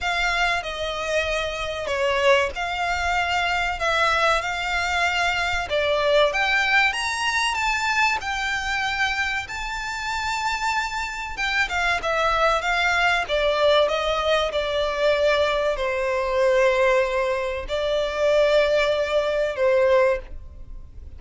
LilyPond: \new Staff \with { instrumentName = "violin" } { \time 4/4 \tempo 4 = 95 f''4 dis''2 cis''4 | f''2 e''4 f''4~ | f''4 d''4 g''4 ais''4 | a''4 g''2 a''4~ |
a''2 g''8 f''8 e''4 | f''4 d''4 dis''4 d''4~ | d''4 c''2. | d''2. c''4 | }